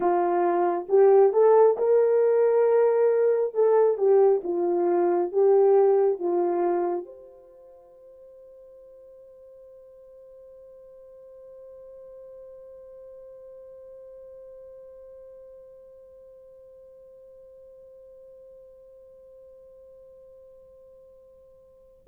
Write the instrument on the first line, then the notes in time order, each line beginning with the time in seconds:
horn
0.00 F4
0.88 G4
1.32 A4
1.77 A#4
3.54 A4
3.97 G4
4.43 F4
5.32 G4
6.19 F4
7.05 C5